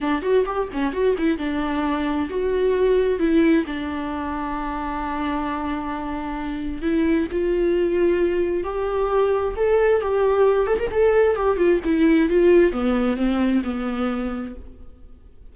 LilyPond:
\new Staff \with { instrumentName = "viola" } { \time 4/4 \tempo 4 = 132 d'8 fis'8 g'8 cis'8 fis'8 e'8 d'4~ | d'4 fis'2 e'4 | d'1~ | d'2. e'4 |
f'2. g'4~ | g'4 a'4 g'4. a'16 ais'16 | a'4 g'8 f'8 e'4 f'4 | b4 c'4 b2 | }